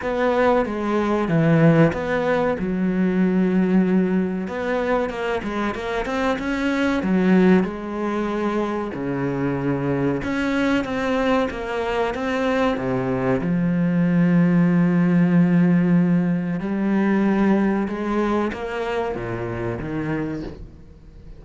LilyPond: \new Staff \with { instrumentName = "cello" } { \time 4/4 \tempo 4 = 94 b4 gis4 e4 b4 | fis2. b4 | ais8 gis8 ais8 c'8 cis'4 fis4 | gis2 cis2 |
cis'4 c'4 ais4 c'4 | c4 f2.~ | f2 g2 | gis4 ais4 ais,4 dis4 | }